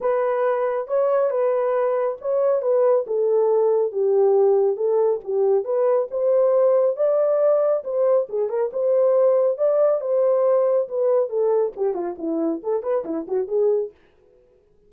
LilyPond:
\new Staff \with { instrumentName = "horn" } { \time 4/4 \tempo 4 = 138 b'2 cis''4 b'4~ | b'4 cis''4 b'4 a'4~ | a'4 g'2 a'4 | g'4 b'4 c''2 |
d''2 c''4 gis'8 ais'8 | c''2 d''4 c''4~ | c''4 b'4 a'4 g'8 f'8 | e'4 a'8 b'8 e'8 fis'8 gis'4 | }